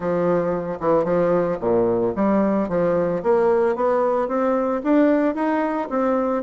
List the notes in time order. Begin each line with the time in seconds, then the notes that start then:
0.00 F3
0.80 E3
1.04 F3
1.59 A#2
2.15 G3
2.68 F3
3.22 A#3
3.75 B3
4.27 C4
4.83 D4
5.34 D#4
5.89 C4